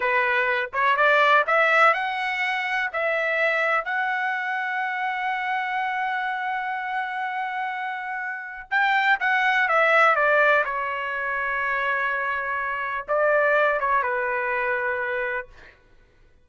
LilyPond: \new Staff \with { instrumentName = "trumpet" } { \time 4/4 \tempo 4 = 124 b'4. cis''8 d''4 e''4 | fis''2 e''2 | fis''1~ | fis''1~ |
fis''2 g''4 fis''4 | e''4 d''4 cis''2~ | cis''2. d''4~ | d''8 cis''8 b'2. | }